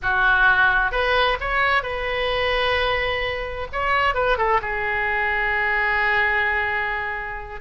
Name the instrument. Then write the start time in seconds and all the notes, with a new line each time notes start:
oboe
0.02 F#4
0.91 B4
1.40 C#5
1.83 B4
3.72 C#5
4.14 B4
4.37 A4
4.61 G#4